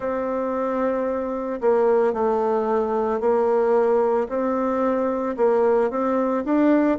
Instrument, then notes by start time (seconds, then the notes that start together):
bassoon
0.00 C4
1.61 A#3
2.13 A3
3.20 A#3
4.29 C4
5.36 A#3
5.90 C4
6.44 D4